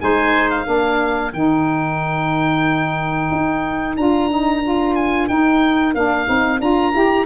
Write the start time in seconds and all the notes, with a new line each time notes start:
0.00 G#3 D#4 C5 G#5
0.51 F5
0.66 A#3 D4 A#4
1.33 D#3 D#4 G5
3.32 D#4
3.97 D4 F4 A#5
4.30 D#4
4.63 F4
4.96 G#5
5.29 D#4 G5
5.95 A#3 D4 F5
6.26 C4 D#4
6.60 D4 F4 A#5
6.93 E4 G4